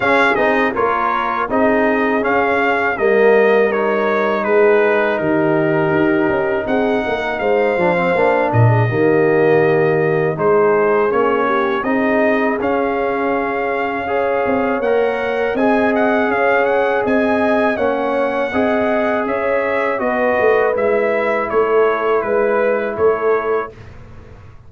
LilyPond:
<<
  \new Staff \with { instrumentName = "trumpet" } { \time 4/4 \tempo 4 = 81 f''8 dis''8 cis''4 dis''4 f''4 | dis''4 cis''4 b'4 ais'4~ | ais'4 fis''4 f''4. dis''8~ | dis''2 c''4 cis''4 |
dis''4 f''2. | fis''4 gis''8 fis''8 f''8 fis''8 gis''4 | fis''2 e''4 dis''4 | e''4 cis''4 b'4 cis''4 | }
  \new Staff \with { instrumentName = "horn" } { \time 4/4 gis'4 ais'4 gis'2 | ais'2 gis'4 g'4~ | g'4 gis'8 ais'8 c''4. ais'16 gis'16 | g'2 gis'4. g'8 |
gis'2. cis''4~ | cis''4 dis''4 cis''4 dis''4 | cis''4 dis''4 cis''4 b'4~ | b'4 a'4 b'4 a'4 | }
  \new Staff \with { instrumentName = "trombone" } { \time 4/4 cis'8 dis'8 f'4 dis'4 cis'4 | ais4 dis'2.~ | dis'2~ dis'8 d'16 c'16 d'4 | ais2 dis'4 cis'4 |
dis'4 cis'2 gis'4 | ais'4 gis'2. | cis'4 gis'2 fis'4 | e'1 | }
  \new Staff \with { instrumentName = "tuba" } { \time 4/4 cis'8 c'8 ais4 c'4 cis'4 | g2 gis4 dis4 | dis'8 cis'8 c'8 ais8 gis8 f8 ais8 ais,8 | dis2 gis4 ais4 |
c'4 cis'2~ cis'8 c'8 | ais4 c'4 cis'4 c'4 | ais4 c'4 cis'4 b8 a8 | gis4 a4 gis4 a4 | }
>>